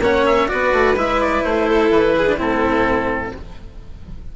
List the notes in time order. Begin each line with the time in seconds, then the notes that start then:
0.00 A#3 C#4 C#5 F#5
0.26 E5
0.48 B3 F#4 B4 D5
0.73 A3
0.96 G#3 E4 E5
1.21 D5
1.43 A3 C5
1.69 A4
1.90 E3 B4
2.18 G#4
2.27 D4
2.37 A2 C4 E4 A4